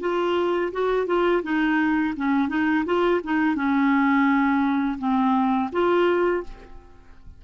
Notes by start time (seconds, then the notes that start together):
0.00 F4
0.72 F#4
1.06 F4
1.43 D#4
2.16 C#4
2.48 D#4
2.85 F4
3.23 D#4
3.55 C#4
4.98 C4
5.72 F4